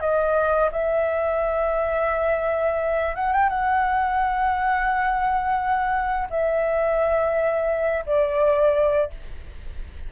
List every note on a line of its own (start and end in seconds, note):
0.00 0.70 D#5
0.72 3.16 E5
3.16 3.33 F#5
3.33 3.49 G5
3.49 6.29 F#5
6.30 8.05 E5
8.06 9.11 D5